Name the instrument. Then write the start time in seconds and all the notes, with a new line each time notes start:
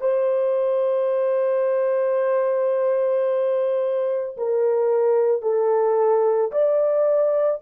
horn
0.00 C5
4.37 A#4
5.42 A4
6.52 D5